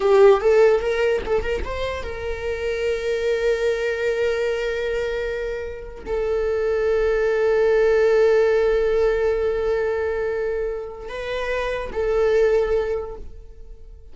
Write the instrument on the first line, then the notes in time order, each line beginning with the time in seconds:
viola
0.00 G4
0.41 A4
0.80 A#4
1.26 A4
1.42 A#4
1.64 C5
2.03 A#4
6.06 A4
11.08 B4
11.92 A4